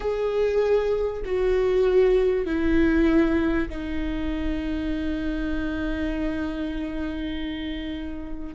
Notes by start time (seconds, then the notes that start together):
0.00 G#4
1.25 F#4
2.46 E4
3.69 D#4